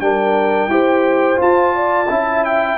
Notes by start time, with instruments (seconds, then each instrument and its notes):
0.00 tuba G3, trombone D4, horn A#4, trumpet G5
0.68 tuba E4, trombone G4, horn C5
1.36 trombone F4, tuba F4, trumpet A5
1.75 horn D5
2.09 tuba C#4, trombone E4, horn E5
2.44 trumpet G5